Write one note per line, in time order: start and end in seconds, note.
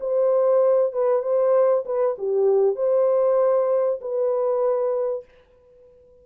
0.00 0.93 C5
0.93 1.22 B4
1.22 1.84 C5
1.85 2.16 B4
2.18 2.76 G4
2.76 4.00 C5
4.01 5.24 B4